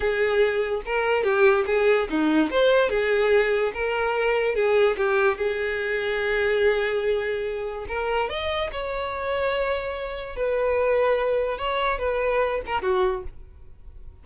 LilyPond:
\new Staff \with { instrumentName = "violin" } { \time 4/4 \tempo 4 = 145 gis'2 ais'4 g'4 | gis'4 dis'4 c''4 gis'4~ | gis'4 ais'2 gis'4 | g'4 gis'2.~ |
gis'2. ais'4 | dis''4 cis''2.~ | cis''4 b'2. | cis''4 b'4. ais'8 fis'4 | }